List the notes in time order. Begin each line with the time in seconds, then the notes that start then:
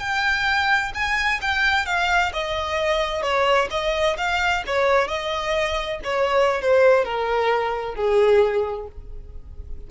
0.00 G5
0.94 G#5
1.42 G5
1.86 F5
2.33 D#5
3.22 C#5
3.71 D#5
4.17 F5
4.67 C#5
5.08 D#5
6.04 C#5
6.62 C5
7.05 A#4
7.95 G#4